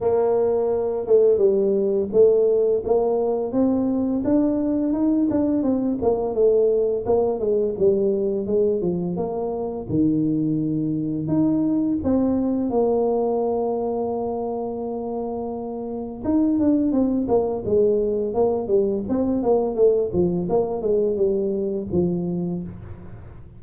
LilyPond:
\new Staff \with { instrumentName = "tuba" } { \time 4/4 \tempo 4 = 85 ais4. a8 g4 a4 | ais4 c'4 d'4 dis'8 d'8 | c'8 ais8 a4 ais8 gis8 g4 | gis8 f8 ais4 dis2 |
dis'4 c'4 ais2~ | ais2. dis'8 d'8 | c'8 ais8 gis4 ais8 g8 c'8 ais8 | a8 f8 ais8 gis8 g4 f4 | }